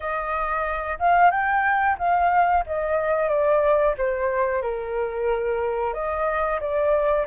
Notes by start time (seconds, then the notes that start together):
0.00 D#5
0.99 F5
1.30 G5
1.98 F5
2.66 D#5
3.28 D5
3.97 C5
4.62 A#4
5.93 D#5
6.60 D5